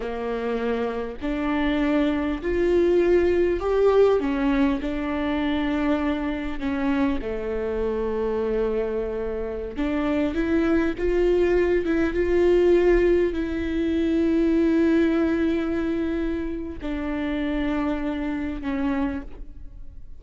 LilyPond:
\new Staff \with { instrumentName = "viola" } { \time 4/4 \tempo 4 = 100 ais2 d'2 | f'2 g'4 cis'4 | d'2. cis'4 | a1~ |
a16 d'4 e'4 f'4. e'16~ | e'16 f'2 e'4.~ e'16~ | e'1 | d'2. cis'4 | }